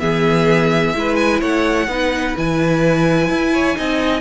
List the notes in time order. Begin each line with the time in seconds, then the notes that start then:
0.00 E3 B3 G#4 E5
0.94 G#3 E4 B4
1.16 G#5
1.41 A3 C#5 F#5
1.88 B3 D#4 B4
2.37 E3 E4 G#5
3.30 E4
3.53 C#5
3.75 C4 D#4 D#5